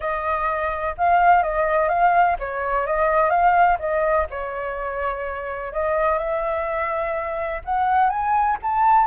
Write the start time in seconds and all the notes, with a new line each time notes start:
0.00 D#5
0.97 F5
1.43 D#5
1.89 F5
2.39 C#5
2.86 D#5
3.30 F5
3.79 D#5
4.30 C#5
5.72 D#5
6.18 E5
7.64 F#5
8.09 G#5
8.62 A5